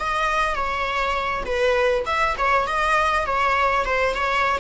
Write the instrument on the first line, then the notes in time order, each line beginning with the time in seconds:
viola
0.00 D#5
0.55 C#5
1.46 B4
2.06 E5
2.38 C#5
2.67 D#5
3.26 C#5
3.85 C5
4.15 C#5